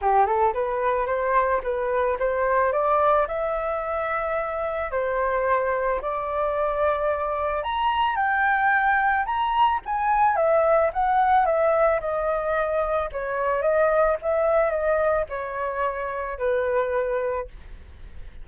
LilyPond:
\new Staff \with { instrumentName = "flute" } { \time 4/4 \tempo 4 = 110 g'8 a'8 b'4 c''4 b'4 | c''4 d''4 e''2~ | e''4 c''2 d''4~ | d''2 ais''4 g''4~ |
g''4 ais''4 gis''4 e''4 | fis''4 e''4 dis''2 | cis''4 dis''4 e''4 dis''4 | cis''2 b'2 | }